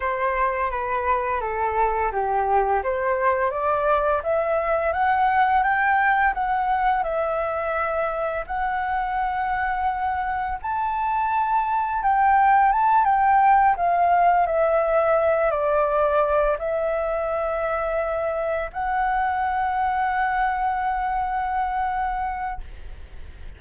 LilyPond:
\new Staff \with { instrumentName = "flute" } { \time 4/4 \tempo 4 = 85 c''4 b'4 a'4 g'4 | c''4 d''4 e''4 fis''4 | g''4 fis''4 e''2 | fis''2. a''4~ |
a''4 g''4 a''8 g''4 f''8~ | f''8 e''4. d''4. e''8~ | e''2~ e''8 fis''4.~ | fis''1 | }